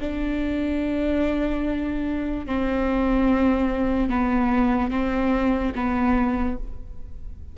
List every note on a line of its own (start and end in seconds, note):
0.00 2.46 D4
2.46 4.09 C4
4.09 4.91 B3
4.91 5.73 C4
5.75 6.57 B3